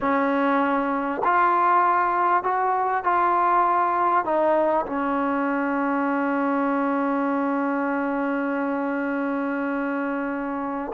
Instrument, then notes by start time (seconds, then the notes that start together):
trombone
0.00 C#4
1.24 F4
2.43 F#4
3.03 F4
4.25 D#4
4.85 C#4